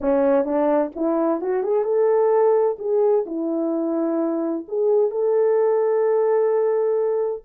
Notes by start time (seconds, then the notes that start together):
0.00 C#4
0.44 D4
0.95 E4
1.41 F#4
1.63 G#4
1.84 A4
2.78 G#4
3.26 E4
4.68 G#4
5.10 A4